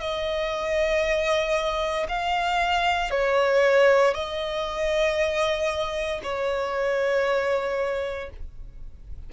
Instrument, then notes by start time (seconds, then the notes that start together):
violin
0.00 D#5
2.09 F5
3.11 C#5
4.14 D#5
6.23 C#5